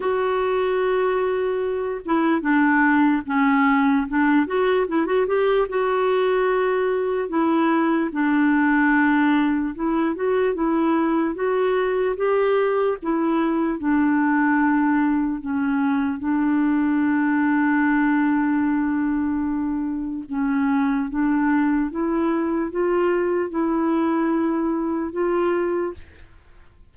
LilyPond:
\new Staff \with { instrumentName = "clarinet" } { \time 4/4 \tempo 4 = 74 fis'2~ fis'8 e'8 d'4 | cis'4 d'8 fis'8 e'16 fis'16 g'8 fis'4~ | fis'4 e'4 d'2 | e'8 fis'8 e'4 fis'4 g'4 |
e'4 d'2 cis'4 | d'1~ | d'4 cis'4 d'4 e'4 | f'4 e'2 f'4 | }